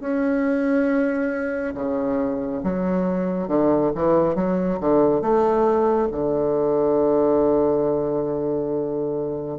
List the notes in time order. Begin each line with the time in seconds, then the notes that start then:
0.00 C#4
1.75 C#3
2.63 F#3
3.48 D3
3.95 E3
4.35 F#3
4.80 D3
5.21 A3
6.12 D3